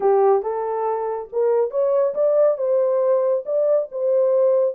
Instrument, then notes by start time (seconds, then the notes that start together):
horn
0.00 G4
0.42 A4
1.32 A#4
1.71 C#5
2.14 D5
2.57 C5
3.45 D5
3.91 C5